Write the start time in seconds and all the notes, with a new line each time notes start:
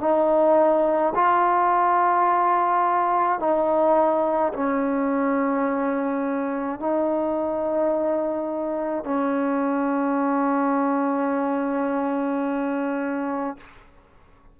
0.00 D#4
1.15 F4
3.40 D#4
4.53 C#4
6.80 D#4
9.04 C#4